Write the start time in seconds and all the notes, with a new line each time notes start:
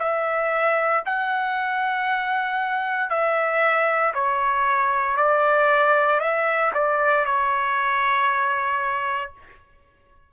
0.00 E5
1.06 F#5
3.10 E5
4.14 C#5
5.17 D5
6.20 E5
6.74 D5
7.26 C#5